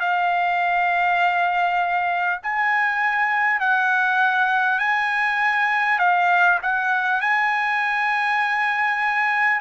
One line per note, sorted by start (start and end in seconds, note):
0.00 2.40 F5
2.43 3.60 G#5
3.60 4.79 F#5
4.79 5.99 G#5
5.99 6.59 F5
6.63 7.21 F#5
7.21 9.61 G#5